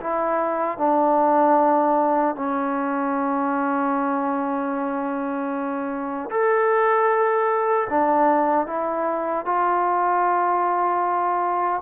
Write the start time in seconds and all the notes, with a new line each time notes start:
0.00 E4
0.78 D4
2.35 C#4
6.30 A4
7.89 D4
8.67 E4
9.45 F4